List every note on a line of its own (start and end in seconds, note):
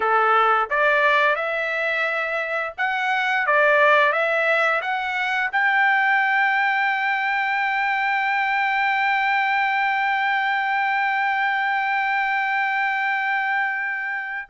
0.00 0.69 A4
0.70 1.35 D5
1.35 2.73 E5
2.77 3.46 F#5
3.46 4.12 D5
4.12 4.81 E5
4.81 5.50 F#5
5.51 14.48 G5